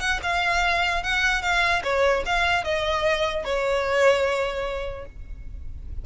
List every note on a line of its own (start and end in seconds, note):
0.00 0.20 F#5
0.23 1.03 F5
1.03 1.42 F#5
1.42 1.82 F5
1.83 2.24 C#5
2.26 2.64 F5
2.64 3.44 D#5
3.44 5.05 C#5